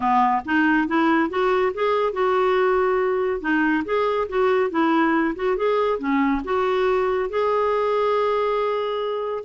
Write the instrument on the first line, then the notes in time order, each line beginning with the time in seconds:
clarinet
0.00 B3
0.45 D#4
0.87 E4
1.29 F#4
1.74 G#4
2.12 F#4
3.40 D#4
3.84 G#4
4.29 F#4
4.70 E4
5.35 F#4
5.57 G#4
5.98 C#4
6.44 F#4
7.29 G#4